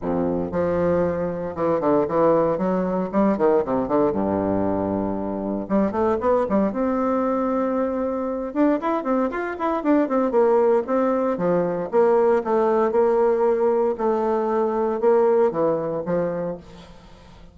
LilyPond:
\new Staff \with { instrumentName = "bassoon" } { \time 4/4 \tempo 4 = 116 f,4 f2 e8 d8 | e4 fis4 g8 dis8 c8 d8 | g,2. g8 a8 | b8 g8 c'2.~ |
c'8 d'8 e'8 c'8 f'8 e'8 d'8 c'8 | ais4 c'4 f4 ais4 | a4 ais2 a4~ | a4 ais4 e4 f4 | }